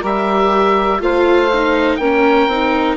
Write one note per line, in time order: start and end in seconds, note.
0.00 1.00 G3
0.00 1.00 G4
0.00 0.98 A#4
0.00 1.02 E5
1.00 1.99 A3
1.00 1.49 F4
1.00 1.98 C5
1.00 1.96 F5
1.53 2.00 D#4
1.96 2.47 A#3
1.96 2.50 C#4
1.96 2.96 A#4
1.96 2.94 G5
2.47 2.96 C4
2.47 2.96 D#4